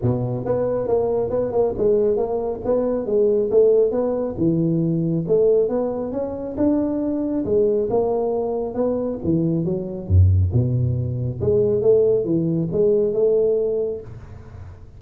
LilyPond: \new Staff \with { instrumentName = "tuba" } { \time 4/4 \tempo 4 = 137 b,4 b4 ais4 b8 ais8 | gis4 ais4 b4 gis4 | a4 b4 e2 | a4 b4 cis'4 d'4~ |
d'4 gis4 ais2 | b4 e4 fis4 fis,4 | b,2 gis4 a4 | e4 gis4 a2 | }